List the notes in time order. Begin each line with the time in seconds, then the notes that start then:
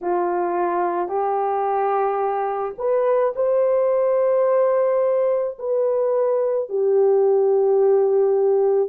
0.01 F4
1.08 G4
2.78 B4
3.35 C5
5.59 B4
6.69 G4